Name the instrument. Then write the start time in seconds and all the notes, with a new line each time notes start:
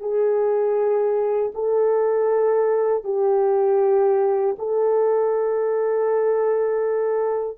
horn
0.00 G#4
1.54 A4
3.04 G4
4.58 A4